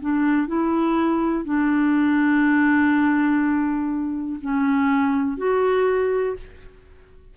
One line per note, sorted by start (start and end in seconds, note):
0.00 0.47 D4
0.47 1.44 E4
1.44 4.39 D4
4.41 5.37 C#4
5.37 6.36 F#4